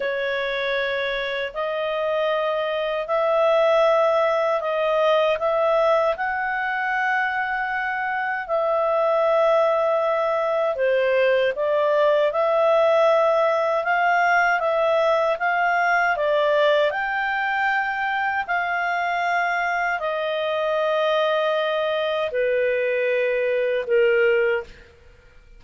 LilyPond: \new Staff \with { instrumentName = "clarinet" } { \time 4/4 \tempo 4 = 78 cis''2 dis''2 | e''2 dis''4 e''4 | fis''2. e''4~ | e''2 c''4 d''4 |
e''2 f''4 e''4 | f''4 d''4 g''2 | f''2 dis''2~ | dis''4 b'2 ais'4 | }